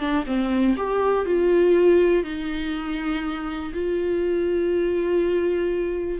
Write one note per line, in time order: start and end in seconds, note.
0.00 0.25 D4
0.27 0.76 C4
0.77 1.26 G4
1.26 2.24 F4
2.24 3.73 D#4
3.74 6.20 F4